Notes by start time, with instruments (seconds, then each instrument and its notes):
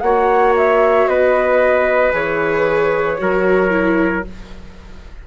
0.00 bassoon A#3, viola F#4, trumpet C#5, flute F#5
0.56 flute E5
1.07 bassoon B3, trumpet B4, flute D#5
2.11 bassoon E3, viola G#4, flute C#5
3.18 bassoon F#3, viola F#4, trumpet A#4
3.70 viola E4